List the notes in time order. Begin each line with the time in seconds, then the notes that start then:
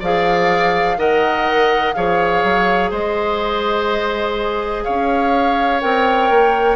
0.00 F3 G#4 D5 F5
0.97 D#3 A#4 D#5 F#5
1.93 F3 G#4 C#5 F5
2.44 F#3
2.90 G#3 C5 D#5
4.84 C#4 C#5 F5
5.81 C4 A#4 G5
6.30 A#3